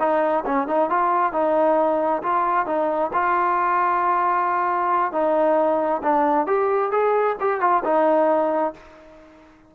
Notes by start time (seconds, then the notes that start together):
0.00 D#4
0.46 C#4
0.68 D#4
0.90 F4
1.33 D#4
2.23 F4
2.67 D#4
3.14 F4
5.12 D#4
6.03 D4
6.47 G4
6.92 G#4
7.41 G4
7.61 F4
7.85 D#4